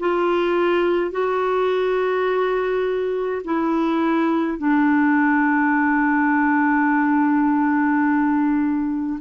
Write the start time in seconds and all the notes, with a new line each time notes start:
0.00 F4
1.11 F#4
3.45 E4
4.58 D4